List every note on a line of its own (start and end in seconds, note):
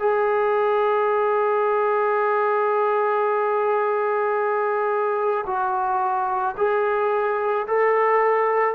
0.00 5.45 G#4
5.46 6.56 F#4
6.58 7.67 G#4
7.68 8.75 A4